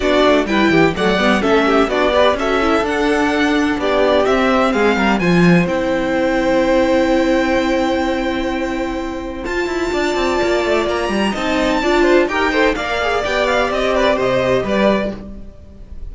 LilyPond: <<
  \new Staff \with { instrumentName = "violin" } { \time 4/4 \tempo 4 = 127 d''4 g''4 fis''4 e''4 | d''4 e''4 fis''2 | d''4 e''4 f''4 gis''4 | g''1~ |
g''1 | a''2. ais''4 | a''2 g''4 f''4 | g''8 f''8 dis''8 d''8 dis''4 d''4 | }
  \new Staff \with { instrumentName = "violin" } { \time 4/4 fis'4 b'8 g'8 d''4 a'8 g'8 | fis'8 b'8 a'2. | g'2 gis'8 ais'8 c''4~ | c''1~ |
c''1~ | c''4 d''2. | dis''4 d''8 c''8 ais'8 c''8 d''4~ | d''4. b'8 c''4 b'4 | }
  \new Staff \with { instrumentName = "viola" } { \time 4/4 d'4 e'4 a8 b8 cis'4 | d'8 g'8 fis'8 e'8 d'2~ | d'4 c'2 f'4 | e'1~ |
e'1 | f'1 | dis'4 f'4 g'8 a'8 ais'8 gis'8 | g'1 | }
  \new Staff \with { instrumentName = "cello" } { \time 4/4 b8 a8 g8 e8 fis8 g8 a4 | b4 cis'4 d'2 | b4 c'4 gis8 g8 f4 | c'1~ |
c'1 | f'8 e'8 d'8 c'8 ais8 a8 ais8 g8 | c'4 d'4 dis'4 ais4 | b4 c'4 c4 g4 | }
>>